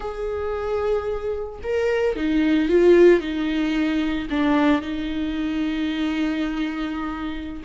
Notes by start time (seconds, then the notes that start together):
0.00 G#4
1.63 A#4
2.16 D#4
2.68 F4
3.20 D#4
4.30 D4
4.81 D#4